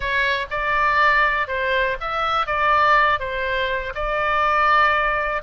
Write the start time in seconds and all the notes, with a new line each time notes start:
0.00 C#5
0.50 D5
1.47 C5
2.00 E5
2.46 D5
3.19 C5
3.95 D5